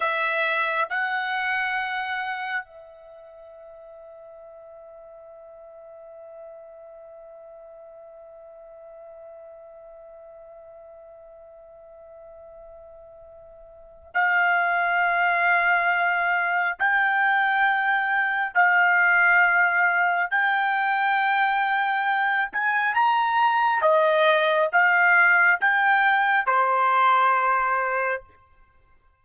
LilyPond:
\new Staff \with { instrumentName = "trumpet" } { \time 4/4 \tempo 4 = 68 e''4 fis''2 e''4~ | e''1~ | e''1~ | e''1 |
f''2. g''4~ | g''4 f''2 g''4~ | g''4. gis''8 ais''4 dis''4 | f''4 g''4 c''2 | }